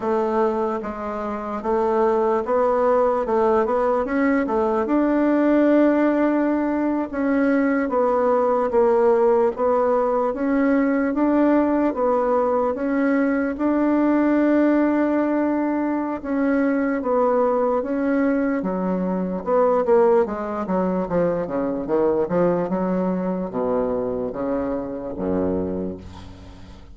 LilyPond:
\new Staff \with { instrumentName = "bassoon" } { \time 4/4 \tempo 4 = 74 a4 gis4 a4 b4 | a8 b8 cis'8 a8 d'2~ | d'8. cis'4 b4 ais4 b16~ | b8. cis'4 d'4 b4 cis'16~ |
cis'8. d'2.~ d'16 | cis'4 b4 cis'4 fis4 | b8 ais8 gis8 fis8 f8 cis8 dis8 f8 | fis4 b,4 cis4 fis,4 | }